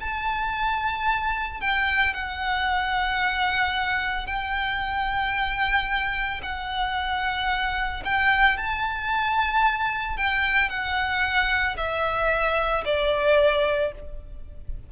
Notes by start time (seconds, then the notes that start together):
0.00 A5
1.61 G5
2.14 F#5
4.27 G5
6.42 F#5
8.05 G5
8.58 A5
10.17 G5
10.69 F#5
11.77 E5
12.85 D5